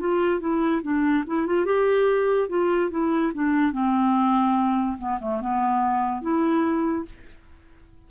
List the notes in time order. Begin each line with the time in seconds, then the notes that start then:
0.00 F4
0.41 E4
0.83 D4
1.27 E4
1.47 F4
1.66 G4
2.49 F4
2.91 E4
3.34 D4
3.73 C4
4.98 B3
5.20 A3
5.41 B3
6.22 E4